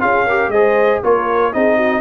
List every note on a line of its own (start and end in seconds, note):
0.00 0.48 C#4
0.00 0.25 F4
0.00 0.26 G#4
0.00 0.50 F5
0.26 0.54 G4
0.26 0.51 A#4
0.48 0.98 G#3
0.48 1.04 G#4
0.48 1.02 C5
0.48 1.00 D#5
1.03 1.54 A#3
1.03 1.53 F4
1.03 1.53 A#4
1.03 1.53 C#5
1.53 2.01 C4
1.53 2.01 D#4
1.53 1.76 G#4
1.53 2.01 D#5
1.76 2.01 F#4